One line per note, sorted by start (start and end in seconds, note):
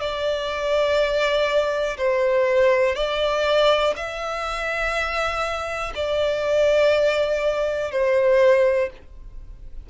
0.00 1.97 D5
1.97 2.95 C5
2.95 3.93 D5
3.96 5.93 E5
5.95 7.91 D5
7.91 8.89 C5